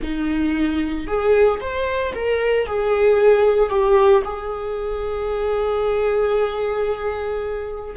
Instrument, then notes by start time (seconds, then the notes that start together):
viola
0.02 D#4
1.07 G#4
1.60 C5
2.14 A#4
2.66 G#4
3.69 G4
4.24 G#4